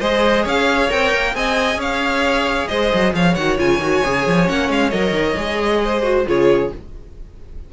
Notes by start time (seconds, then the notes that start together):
0.00 G#3 G#4 C5 D#5
0.44 C#4 C#5 F5
0.90 C4 A#4 G5
1.14 A#3
1.34 C4 G#4 D#5 G#5
1.76 C#4 C#5
1.82 F5
2.68 G#3 C5 D#5
2.94 F#3
3.14 F3 C#5 F5
3.35 D#3 F#4 F#5
3.58 C#3 F4 G#5
3.79 D#3 F#4
4.05 C#3 G#4
4.27 F3
4.46 A#3 C#4 F#5
4.70 G#3 F5
4.91 F#3 A#4 D#5
5.12 D#3
5.37 G#3 G#4
5.84 C5
6.03 F#4
6.27 C#3 F4 G#4 C#5